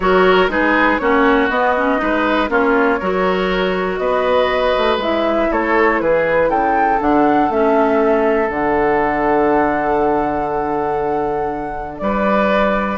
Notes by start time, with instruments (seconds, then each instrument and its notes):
0.00 bassoon F#3, clarinet F#4, oboe A#4, flute C#5
0.47 bassoon G#3, clarinet D#4, oboe G#4, flute B4
0.98 bassoon A#3, clarinet C#4, oboe F#4, flute C#5
1.49 bassoon B3, clarinet B3, flute D#5
1.76 clarinet C#4
1.97 bassoon G#3, clarinet D#4, oboe B4
2.48 bassoon A#3, clarinet C#4, oboe F4, flute C#5
2.99 bassoon F#3, clarinet F#4, oboe A#4
3.97 bassoon B3, oboe B4, flute D#5
4.77 bassoon A3
4.97 bassoon G#3, clarinet E4, flute E5
5.51 bassoon A3, oboe A4, flute C#5
6.00 bassoon E3, oboe G#4, flute B4
6.49 bassoon C#3, oboe A4, flute G5
7.00 bassoon D3, clarinet D4, flute F#5
7.49 bassoon A3, clarinet C#4, flute E5
8.48 bassoon D3, clarinet D4, flute F#5
11.97 bassoon G3, oboe B4, flute D5